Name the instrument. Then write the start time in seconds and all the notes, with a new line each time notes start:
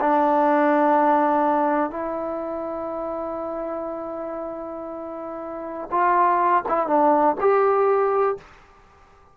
trombone
0.00 D4
1.90 E4
5.91 F4
6.68 E4
6.87 D4
7.40 G4